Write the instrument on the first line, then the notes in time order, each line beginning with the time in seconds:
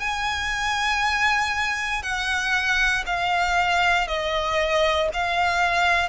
violin
0.00 G#5
2.03 F#5
3.06 F5
4.08 D#5
5.14 F5